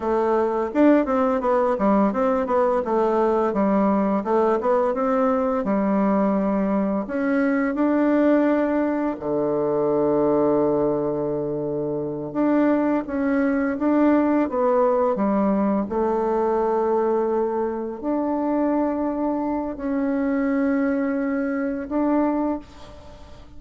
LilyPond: \new Staff \with { instrumentName = "bassoon" } { \time 4/4 \tempo 4 = 85 a4 d'8 c'8 b8 g8 c'8 b8 | a4 g4 a8 b8 c'4 | g2 cis'4 d'4~ | d'4 d2.~ |
d4. d'4 cis'4 d'8~ | d'8 b4 g4 a4.~ | a4. d'2~ d'8 | cis'2. d'4 | }